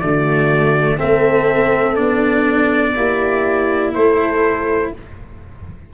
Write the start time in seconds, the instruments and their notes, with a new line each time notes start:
0.00 tuba D3, cello A3, horn F#4, trumpet D5
0.97 tuba A3, cello C4, horn A4, trumpet E5
1.96 tuba B3, cello D4, trumpet D5
2.96 tuba A#3, cello E4, horn G4
3.95 tuba A3, horn A4, trumpet C5